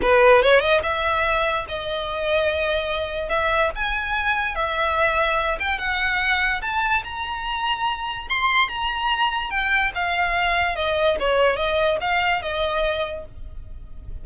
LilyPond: \new Staff \with { instrumentName = "violin" } { \time 4/4 \tempo 4 = 145 b'4 cis''8 dis''8 e''2 | dis''1 | e''4 gis''2 e''4~ | e''4. g''8 fis''2 |
a''4 ais''2. | c'''4 ais''2 g''4 | f''2 dis''4 cis''4 | dis''4 f''4 dis''2 | }